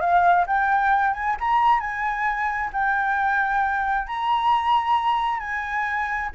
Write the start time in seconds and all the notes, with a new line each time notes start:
0.00 F5
0.46 G5
1.13 G#5
1.39 A#5
1.80 G#5
2.73 G5
4.07 A#5
5.39 G#5